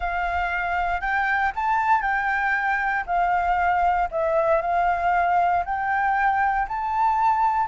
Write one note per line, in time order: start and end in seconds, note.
0.00 1.00 F5
1.00 1.52 G5
1.55 2.01 A5
2.01 3.04 G5
3.06 4.09 F5
4.11 4.61 E5
4.61 5.64 F5
5.64 6.67 G5
6.67 7.67 A5